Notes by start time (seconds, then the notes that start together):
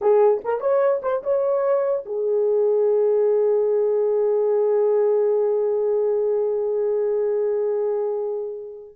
0.01 G#4
0.44 A#4
0.60 C#5
1.02 C5
1.23 C#5
2.05 G#4